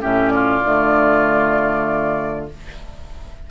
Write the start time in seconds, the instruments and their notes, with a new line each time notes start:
0.00 bassoon A2, clarinet C#4, oboe G4, flute E5
0.29 oboe F4, flute D5
0.63 bassoon D3, clarinet A3